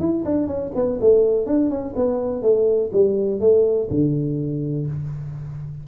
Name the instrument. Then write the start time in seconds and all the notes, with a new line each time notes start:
tuba
0.00 E4
0.25 D4
0.48 C#4
0.75 B3
1.01 A3
1.46 D4
1.70 C#4
1.96 B3
2.42 A3
2.93 G3
3.41 A3
3.90 D3